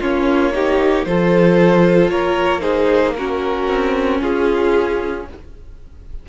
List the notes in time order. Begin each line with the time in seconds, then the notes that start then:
0.00 A#3 C#4 F4 C#5
0.53 D#4 G4
1.05 F3 F4 A4 C5
2.10 A#3 A#4 C#5
2.60 D#4 G#4 C5
3.16 C#4 F#4 A#4
3.68 C4
4.21 C#4 F4 G#4